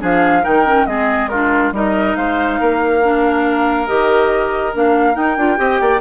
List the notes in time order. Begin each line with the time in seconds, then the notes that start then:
0.00 F3 D4 G#4 F5
0.42 D#3 D#4 A#4 G5
0.66 C#4
0.86 G#3 C4 G#4 D#5
1.28 D4 F4 A#4
1.72 G3 D#4 A#4 D#5
2.16 G#3 C5 F5
2.60 A#3 A#4
3.03 D4
3.87 D#3 G4 D#5
4.73 A#3 D4 F5
5.14 D#4 G5
5.37 D4 F4
5.57 C4 G4 D#5
5.81 A#3 D5